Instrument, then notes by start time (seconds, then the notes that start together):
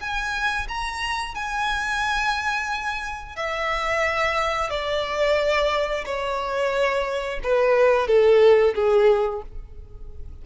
violin
0.00 G#5
0.69 A#5
1.35 G#5
3.36 E5
4.70 D5
6.05 C#5
7.43 B4
8.07 A4
8.75 G#4